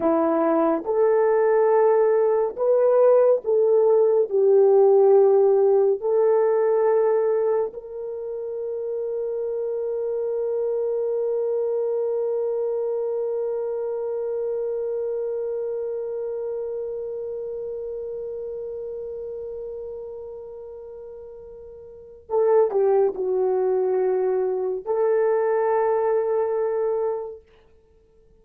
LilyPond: \new Staff \with { instrumentName = "horn" } { \time 4/4 \tempo 4 = 70 e'4 a'2 b'4 | a'4 g'2 a'4~ | a'4 ais'2.~ | ais'1~ |
ais'1~ | ais'1~ | ais'2 a'8 g'8 fis'4~ | fis'4 a'2. | }